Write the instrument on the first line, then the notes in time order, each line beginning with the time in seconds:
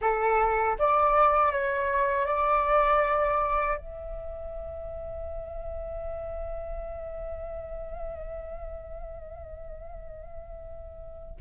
flute
0.01 A4
0.78 D5
1.52 C#5
2.26 D5
3.77 E5